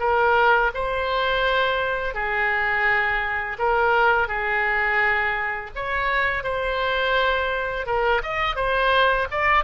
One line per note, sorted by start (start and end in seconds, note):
0.00 0.71 A#4
0.74 2.15 C5
2.15 3.57 G#4
3.59 4.28 A#4
4.28 5.71 G#4
5.76 6.44 C#5
6.44 7.87 C5
7.87 8.22 A#4
8.23 8.56 D#5
8.56 9.28 C5
9.31 9.65 D5